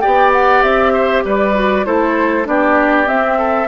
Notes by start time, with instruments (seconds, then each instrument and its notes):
0.00 bassoon B3, clarinet G4, oboe D5, flute G5
0.32 flute F#5
0.62 bassoon C4, flute E5
0.92 oboe C5
1.24 bassoon G3, oboe B4, flute D5
1.54 clarinet F#4
1.85 bassoon A3, clarinet E4, oboe A4, flute C5
2.44 bassoon B3, clarinet D4, oboe G4, flute D5
3.05 clarinet C4, bassoon C4, flute E5
3.37 oboe A4